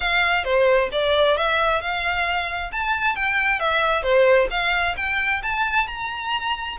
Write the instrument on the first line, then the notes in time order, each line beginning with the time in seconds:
violin
0.00 F5
0.44 C5
0.92 D5
1.37 E5
1.81 F5
2.71 A5
3.15 G5
3.59 E5
4.02 C5
4.50 F5
4.96 G5
5.42 A5
5.87 A#5